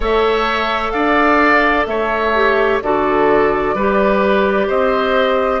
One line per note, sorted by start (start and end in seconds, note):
0.00 0.91 A3
0.00 2.35 A4
0.00 0.93 C#5
0.00 0.91 E5
0.91 1.86 D4
0.91 1.87 D5
0.91 1.84 F5
1.86 2.80 A3
1.86 2.83 C#5
1.86 2.79 E5
2.35 2.82 G4
2.82 3.74 D3
2.82 3.76 F#4
2.82 3.75 A4
2.82 4.69 D5
3.74 4.67 G3
3.74 5.60 G4
3.74 4.67 B4
4.67 5.60 C4
4.67 5.60 C5
4.67 5.60 D#5